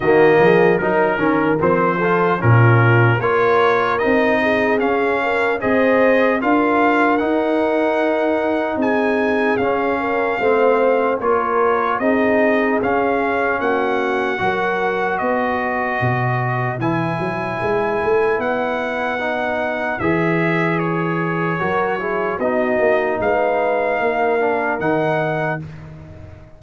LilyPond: <<
  \new Staff \with { instrumentName = "trumpet" } { \time 4/4 \tempo 4 = 75 dis''4 ais'4 c''4 ais'4 | cis''4 dis''4 f''4 dis''4 | f''4 fis''2 gis''4 | f''2 cis''4 dis''4 |
f''4 fis''2 dis''4~ | dis''4 gis''2 fis''4~ | fis''4 e''4 cis''2 | dis''4 f''2 fis''4 | }
  \new Staff \with { instrumentName = "horn" } { \time 4/4 fis'8 gis'8 ais'4. a'8 f'4 | ais'4. gis'4 ais'8 c''4 | ais'2. gis'4~ | gis'8 ais'8 c''4 ais'4 gis'4~ |
gis'4 fis'4 ais'4 b'4~ | b'1~ | b'2. ais'8 gis'8 | fis'4 b'4 ais'2 | }
  \new Staff \with { instrumentName = "trombone" } { \time 4/4 ais4 dis'8 cis'8 c'8 f'8 cis'4 | f'4 dis'4 cis'4 gis'4 | f'4 dis'2. | cis'4 c'4 f'4 dis'4 |
cis'2 fis'2~ | fis'4 e'2. | dis'4 gis'2 fis'8 e'8 | dis'2~ dis'8 d'8 dis'4 | }
  \new Staff \with { instrumentName = "tuba" } { \time 4/4 dis8 f8 fis8 dis8 f4 ais,4 | ais4 c'4 cis'4 c'4 | d'4 dis'2 c'4 | cis'4 a4 ais4 c'4 |
cis'4 ais4 fis4 b4 | b,4 e8 fis8 gis8 a8 b4~ | b4 e2 fis4 | b8 ais8 gis4 ais4 dis4 | }
>>